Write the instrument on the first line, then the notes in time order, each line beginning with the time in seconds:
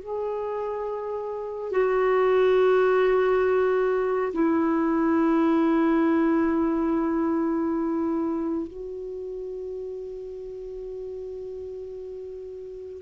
clarinet
0.00 G#4
1.71 F#4
4.33 E4
8.67 F#4